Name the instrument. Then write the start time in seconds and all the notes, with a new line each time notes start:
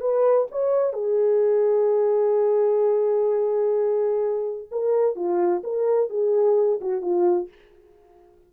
horn
0.00 B4
0.51 C#5
0.93 G#4
4.71 A#4
5.15 F4
5.63 A#4
6.09 G#4
6.80 F#4
7.01 F4